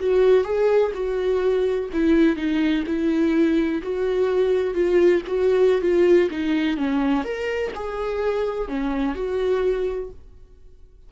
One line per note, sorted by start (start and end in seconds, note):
0.00 0.44 F#4
0.44 0.92 G#4
0.94 1.90 F#4
1.93 2.37 E4
2.37 2.84 D#4
2.87 3.82 E4
3.83 4.74 F#4
4.74 5.22 F4
5.27 5.82 F#4
5.82 6.29 F4
6.31 6.77 D#4
6.77 7.24 C#4
7.24 7.72 A#4
7.75 8.69 G#4
8.69 9.15 C#4
9.15 10.10 F#4